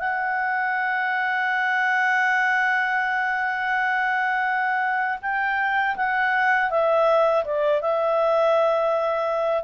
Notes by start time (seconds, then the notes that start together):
0.00 F#5
5.22 G5
5.97 F#5
6.71 E5
7.45 D5
7.82 E5